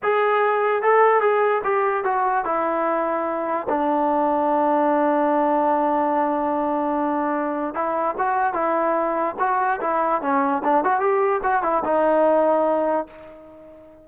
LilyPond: \new Staff \with { instrumentName = "trombone" } { \time 4/4 \tempo 4 = 147 gis'2 a'4 gis'4 | g'4 fis'4 e'2~ | e'4 d'2.~ | d'1~ |
d'2. e'4 | fis'4 e'2 fis'4 | e'4 cis'4 d'8 fis'8 g'4 | fis'8 e'8 dis'2. | }